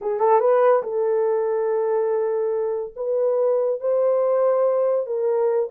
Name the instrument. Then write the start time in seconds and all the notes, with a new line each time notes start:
horn
0.01 G#4
0.19 A4
0.40 B4
0.82 A4
2.95 B4
3.80 C5
5.06 A#4